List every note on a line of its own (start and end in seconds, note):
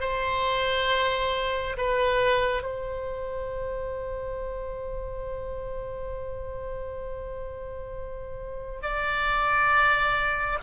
0.00 1.76 C5
1.77 2.63 B4
2.63 8.80 C5
8.82 10.58 D5